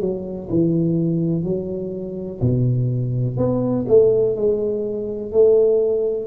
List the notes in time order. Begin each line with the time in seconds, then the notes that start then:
0.00 F#3
0.49 E3
1.43 F#3
2.41 B2
3.37 B3
3.88 A3
4.36 G#3
5.31 A3